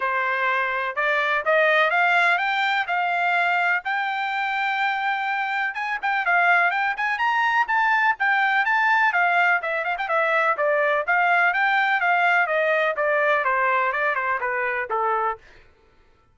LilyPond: \new Staff \with { instrumentName = "trumpet" } { \time 4/4 \tempo 4 = 125 c''2 d''4 dis''4 | f''4 g''4 f''2 | g''1 | gis''8 g''8 f''4 g''8 gis''8 ais''4 |
a''4 g''4 a''4 f''4 | e''8 f''16 g''16 e''4 d''4 f''4 | g''4 f''4 dis''4 d''4 | c''4 d''8 c''8 b'4 a'4 | }